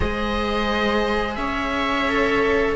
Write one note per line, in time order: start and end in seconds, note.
0.00 1.36 G#3
0.00 2.08 G#4
0.00 1.36 C5
0.00 1.34 D#5
1.34 2.74 C#4
1.34 2.75 C#5
1.34 2.72 E5
2.08 2.75 A4